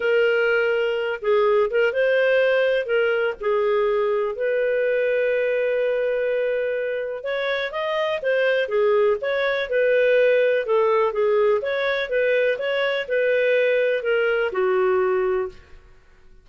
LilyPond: \new Staff \with { instrumentName = "clarinet" } { \time 4/4 \tempo 4 = 124 ais'2~ ais'8 gis'4 ais'8 | c''2 ais'4 gis'4~ | gis'4 b'2.~ | b'2. cis''4 |
dis''4 c''4 gis'4 cis''4 | b'2 a'4 gis'4 | cis''4 b'4 cis''4 b'4~ | b'4 ais'4 fis'2 | }